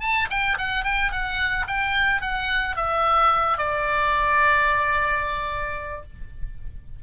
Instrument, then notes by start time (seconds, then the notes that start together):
oboe
0.00 A5
0.30 G5
0.58 F#5
0.84 G5
1.12 F#5
1.67 G5
2.21 F#5
2.76 E5
3.58 D5